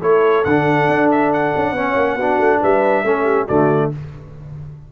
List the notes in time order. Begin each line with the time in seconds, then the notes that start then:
0.00 A3 E4 A4 C#5
0.44 D3 D4 F#5
0.88 D4
1.11 E5
1.33 F#5
1.56 C#4
1.72 B3 C#4 C#5
1.96 A#3
2.15 B3 D4 F#4
2.38 A3
2.61 G3 B4 E5
3.04 A3 C#4 A4
3.24 G4
3.45 D3 A3 F#4 D5